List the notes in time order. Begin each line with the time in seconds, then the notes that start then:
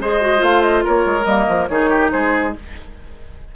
0.00 G#3 G#4 C5 D#5
0.21 F#4
0.38 A3 F4 F5
0.62 D#5
0.85 A#3 A#4 C#5
1.06 G#3
1.25 G3 A#3 D#5
1.48 F3
1.68 D#3 D#4 G#4 C#5
1.90 G4
2.11 G#3 G#4 C5